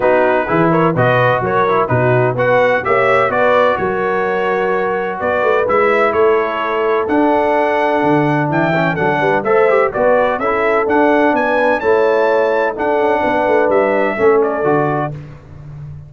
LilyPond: <<
  \new Staff \with { instrumentName = "trumpet" } { \time 4/4 \tempo 4 = 127 b'4. cis''8 dis''4 cis''4 | b'4 fis''4 e''4 d''4 | cis''2. d''4 | e''4 cis''2 fis''4~ |
fis''2 g''4 fis''4 | e''4 d''4 e''4 fis''4 | gis''4 a''2 fis''4~ | fis''4 e''4. d''4. | }
  \new Staff \with { instrumentName = "horn" } { \time 4/4 fis'4 gis'8 ais'8 b'4 ais'4 | fis'4 b'4 cis''4 b'4 | ais'2. b'4~ | b'4 a'2.~ |
a'2 e''4 a'8 b'8 | c''4 b'4 a'2 | b'4 cis''2 a'4 | b'2 a'2 | }
  \new Staff \with { instrumentName = "trombone" } { \time 4/4 dis'4 e'4 fis'4. e'8 | dis'4 fis'4 g'4 fis'4~ | fis'1 | e'2. d'4~ |
d'2~ d'8 cis'8 d'4 | a'8 g'8 fis'4 e'4 d'4~ | d'4 e'2 d'4~ | d'2 cis'4 fis'4 | }
  \new Staff \with { instrumentName = "tuba" } { \time 4/4 b4 e4 b,4 fis4 | b,4 b4 ais4 b4 | fis2. b8 a8 | gis4 a2 d'4~ |
d'4 d4 e4 fis8 g8 | a4 b4 cis'4 d'4 | b4 a2 d'8 cis'8 | b8 a8 g4 a4 d4 | }
>>